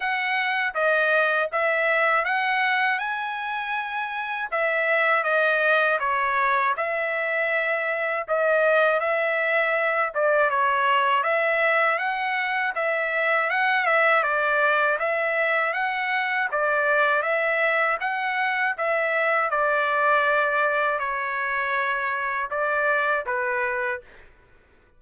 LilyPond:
\new Staff \with { instrumentName = "trumpet" } { \time 4/4 \tempo 4 = 80 fis''4 dis''4 e''4 fis''4 | gis''2 e''4 dis''4 | cis''4 e''2 dis''4 | e''4. d''8 cis''4 e''4 |
fis''4 e''4 fis''8 e''8 d''4 | e''4 fis''4 d''4 e''4 | fis''4 e''4 d''2 | cis''2 d''4 b'4 | }